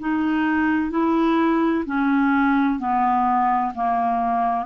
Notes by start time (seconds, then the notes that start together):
0.00 D#4
0.91 E4
1.86 C#4
2.80 B3
3.75 A#3